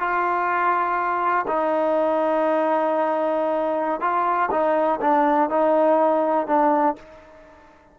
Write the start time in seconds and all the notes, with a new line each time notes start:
0.00 F4
1.48 D#4
4.01 F4
4.52 D#4
5.02 D4
5.50 D#4
6.47 D4